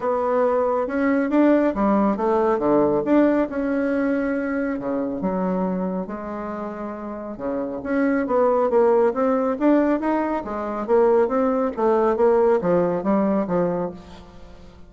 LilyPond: \new Staff \with { instrumentName = "bassoon" } { \time 4/4 \tempo 4 = 138 b2 cis'4 d'4 | g4 a4 d4 d'4 | cis'2. cis4 | fis2 gis2~ |
gis4 cis4 cis'4 b4 | ais4 c'4 d'4 dis'4 | gis4 ais4 c'4 a4 | ais4 f4 g4 f4 | }